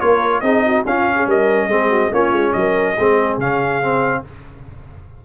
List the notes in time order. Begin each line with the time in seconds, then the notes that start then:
0.00 A#3 F4 A#4 C#5
0.40 C4 D#4 G#4 D#5
0.66 F#4
0.86 C#4 F4 F5
1.15 G#4
1.26 G3 A#4 D#5
1.67 G#3 C4 G#4
1.90 F#4
2.11 A#3 C#4 F4 C#5
2.32 G#3
2.52 F#3 A#4 D#5
2.98 G#3 C4 G#4
3.37 C#3 C#4 F5
3.82 C4